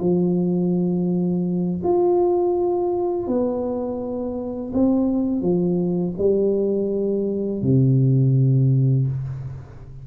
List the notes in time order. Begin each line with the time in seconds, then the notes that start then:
0.00 F3
1.84 F4
3.27 B3
4.73 C4
5.42 F3
6.18 G3
7.62 C3